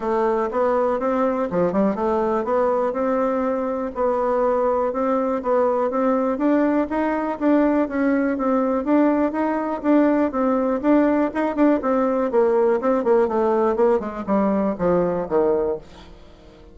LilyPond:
\new Staff \with { instrumentName = "bassoon" } { \time 4/4 \tempo 4 = 122 a4 b4 c'4 f8 g8 | a4 b4 c'2 | b2 c'4 b4 | c'4 d'4 dis'4 d'4 |
cis'4 c'4 d'4 dis'4 | d'4 c'4 d'4 dis'8 d'8 | c'4 ais4 c'8 ais8 a4 | ais8 gis8 g4 f4 dis4 | }